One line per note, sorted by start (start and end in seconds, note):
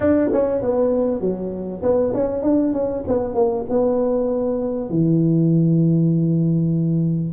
0.00 0.30 D4
0.33 0.61 C#4
0.61 1.20 B3
1.20 1.81 F#3
1.82 2.13 B3
2.14 2.42 C#4
2.42 2.73 D4
2.73 3.04 C#4
3.07 3.34 B3
3.34 3.65 A#3
3.69 4.89 B3
4.89 7.32 E3